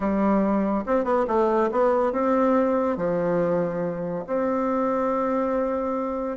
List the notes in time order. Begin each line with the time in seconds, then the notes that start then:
0.00 G3
0.85 C4
1.04 B3
1.27 A3
1.71 B3
2.12 C4
2.97 F3
4.26 C4